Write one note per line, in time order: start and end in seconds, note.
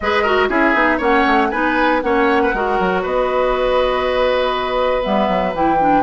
0.00 0.49 G#3
0.00 0.25 G#4
0.00 0.22 B4
0.00 0.49 D#5
0.22 0.49 F#4
0.22 0.47 A#4
0.49 0.74 C#4
0.49 0.74 E4
0.49 0.97 G#4
0.49 1.00 E5
0.74 0.99 B3
0.74 1.00 D#4
0.97 1.24 A#3
0.97 1.50 C#4
0.97 1.48 C#5
0.97 1.50 F#5
1.26 1.51 A3
1.50 2.02 B3
1.50 2.02 D#4
1.50 2.01 B4
1.50 2.00 G#5
2.01 2.53 A#3
2.01 2.52 C#4
2.01 2.42 C#5
2.01 3.02 F#5
2.42 2.54 B4
2.53 2.78 G#3
2.53 5.02 F#4
2.53 3.02 A#4
2.79 3.04 F#3
3.02 5.05 B3
3.02 6.03 B4
3.02 5.03 D#5
5.02 5.28 G3
5.02 5.53 B3
5.02 5.53 E5
5.28 5.53 F#3
5.53 6.03 E3
5.53 5.79 E4
5.53 6.03 G5
5.79 6.03 D4